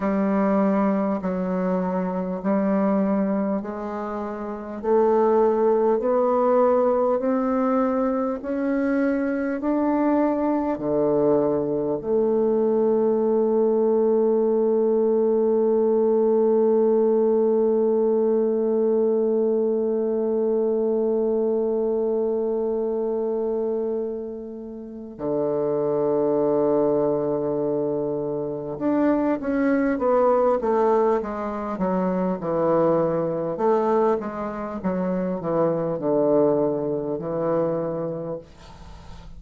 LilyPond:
\new Staff \with { instrumentName = "bassoon" } { \time 4/4 \tempo 4 = 50 g4 fis4 g4 gis4 | a4 b4 c'4 cis'4 | d'4 d4 a2~ | a1~ |
a1~ | a4 d2. | d'8 cis'8 b8 a8 gis8 fis8 e4 | a8 gis8 fis8 e8 d4 e4 | }